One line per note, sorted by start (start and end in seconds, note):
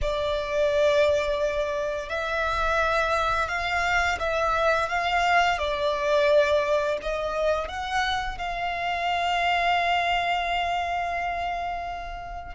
0.01 2.09 D5
2.09 3.48 E5
3.48 4.18 F5
4.19 4.88 E5
4.88 5.58 F5
5.58 6.98 D5
7.01 7.68 D#5
7.68 8.38 F#5
8.38 12.55 F5